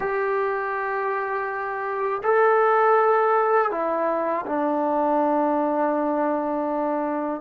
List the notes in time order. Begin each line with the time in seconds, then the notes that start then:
0.00 G4
2.23 A4
3.71 E4
4.46 D4